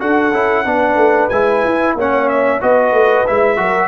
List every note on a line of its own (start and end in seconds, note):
0.00 0.32 D4
0.00 0.33 F#4
0.00 0.66 A4
0.00 1.29 F#5
0.32 0.65 C#4
0.32 0.65 E4
0.65 0.96 B3
0.65 1.31 D4
0.65 1.97 B4
0.96 1.28 A3
1.29 1.64 G#3
1.29 1.98 E4
1.29 1.94 G#5
1.65 1.95 E4
1.95 2.60 A#3
1.95 2.61 C#4
1.95 2.62 C#5
1.95 2.28 F#5
2.28 2.61 E5
2.61 2.92 B3
2.61 3.26 F#4
2.61 3.59 B4
2.61 3.27 D#5
2.92 3.24 A3
3.27 3.57 G#3
3.27 3.57 E4
3.27 3.88 E5
3.57 3.88 F#3
3.57 3.88 F#4
3.57 3.88 A#4